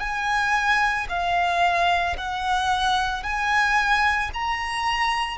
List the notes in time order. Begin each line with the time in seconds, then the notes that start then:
0.00 G#5
1.09 F5
2.17 F#5
3.23 G#5
4.33 A#5